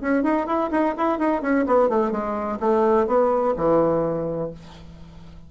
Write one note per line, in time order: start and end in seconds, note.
0.00 0.23 C#4
0.23 0.46 D#4
0.46 0.70 E4
0.71 0.94 D#4
0.97 1.18 E4
1.18 1.41 D#4
1.41 1.65 C#4
1.66 1.89 B3
1.89 2.11 A3
2.11 2.58 G#3
2.59 3.07 A3
3.07 3.54 B3
3.56 4.51 E3